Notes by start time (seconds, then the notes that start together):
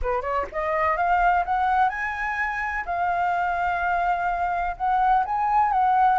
0.02 B4
0.21 C#5
0.52 D#5
0.96 F5
1.45 F#5
1.89 G#5
2.85 F5
4.76 F#5
5.25 G#5
5.71 F#5